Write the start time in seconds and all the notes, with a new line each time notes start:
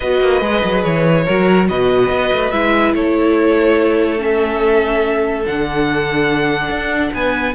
0.00 B3 F#4 B4 D#5
0.21 A#3
0.41 G#3 G#4
0.63 F#3
0.83 E3 C#5
1.25 F#3 F#4 A#4
1.68 B2 B4 D#5
2.09 B3
2.32 A3
2.50 G#3 E4 E5
2.93 A3 A4 C#5
4.18 C#4 E5
5.45 D3 D4 F#5
6.69 D4
7.12 B3 B4 G#5